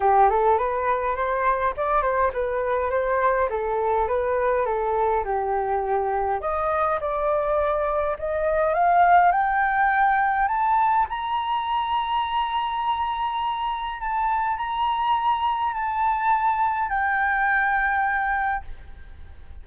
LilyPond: \new Staff \with { instrumentName = "flute" } { \time 4/4 \tempo 4 = 103 g'8 a'8 b'4 c''4 d''8 c''8 | b'4 c''4 a'4 b'4 | a'4 g'2 dis''4 | d''2 dis''4 f''4 |
g''2 a''4 ais''4~ | ais''1 | a''4 ais''2 a''4~ | a''4 g''2. | }